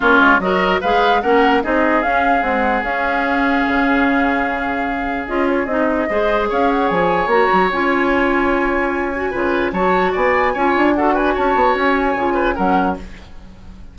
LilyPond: <<
  \new Staff \with { instrumentName = "flute" } { \time 4/4 \tempo 4 = 148 cis''4 dis''4 f''4 fis''4 | dis''4 f''4 fis''4 f''4~ | f''1~ | f''4 dis''8 cis''8 dis''2 |
f''8 fis''8 gis''4 ais''4 gis''4~ | gis''1 | a''4 gis''2 fis''8 gis''8 | a''4 gis''2 fis''4 | }
  \new Staff \with { instrumentName = "oboe" } { \time 4/4 f'4 ais'4 b'4 ais'4 | gis'1~ | gis'1~ | gis'2. c''4 |
cis''1~ | cis''2. b'4 | cis''4 d''4 cis''4 a'8 b'8 | cis''2~ cis''8 b'8 ais'4 | }
  \new Staff \with { instrumentName = "clarinet" } { \time 4/4 cis'4 fis'4 gis'4 cis'4 | dis'4 cis'4 gis4 cis'4~ | cis'1~ | cis'4 f'4 dis'4 gis'4~ |
gis'2 fis'4 f'4~ | f'2~ f'8 fis'8 f'4 | fis'2 f'4 fis'4~ | fis'2 f'4 cis'4 | }
  \new Staff \with { instrumentName = "bassoon" } { \time 4/4 ais8 gis8 fis4 gis4 ais4 | c'4 cis'4 c'4 cis'4~ | cis'4 cis2.~ | cis4 cis'4 c'4 gis4 |
cis'4 f4 ais8 fis8 cis'4~ | cis'2. cis4 | fis4 b4 cis'8 d'4. | cis'8 b8 cis'4 cis4 fis4 | }
>>